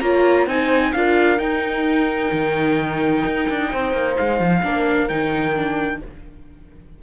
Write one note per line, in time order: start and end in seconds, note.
0.00 0.46 A#3
0.00 0.47 F4
0.00 0.47 C#5
0.00 0.46 A#5
0.46 0.92 C4
0.46 0.94 D#4
0.46 0.94 C5
0.46 0.93 G#5
0.93 1.38 D4
0.93 1.38 F4
0.93 3.71 A#4
0.93 1.39 F5
1.38 4.61 D#4
1.38 2.30 D#4
1.38 4.16 G5
2.32 3.24 D#3
3.26 3.49 D#4
3.49 3.72 D4
3.71 3.93 C4
3.71 4.63 C5
3.93 4.16 A#3
4.17 4.40 G#3
4.17 5.08 F5
4.40 4.63 F3
4.63 5.09 A#3
4.63 5.08 D4
4.63 6.02 A#4
5.08 6.02 D#3
5.08 5.55 D#4
5.08 6.00 G5
5.55 6.01 D4